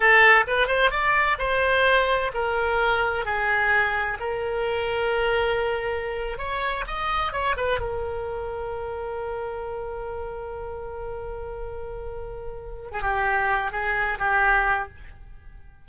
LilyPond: \new Staff \with { instrumentName = "oboe" } { \time 4/4 \tempo 4 = 129 a'4 b'8 c''8 d''4 c''4~ | c''4 ais'2 gis'4~ | gis'4 ais'2.~ | ais'4.~ ais'16 cis''4 dis''4 cis''16~ |
cis''16 b'8 ais'2.~ ais'16~ | ais'1~ | ais'2.~ ais'8. gis'16 | g'4. gis'4 g'4. | }